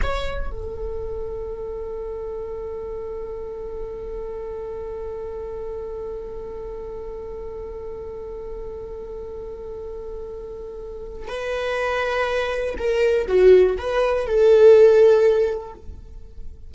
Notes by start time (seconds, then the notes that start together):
0.02 C#5
0.50 A4
11.28 B4
12.78 A#4
13.27 F#4
13.78 B4
14.26 A4